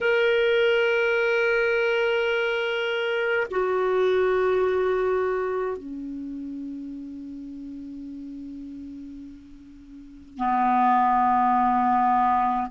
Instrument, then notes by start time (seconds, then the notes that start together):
clarinet
0.01 A#4
3.50 F#4
5.77 C#4
10.37 B3